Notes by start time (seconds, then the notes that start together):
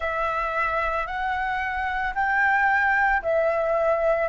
0.00 E5
1.06 F#5
2.14 G5
3.22 E5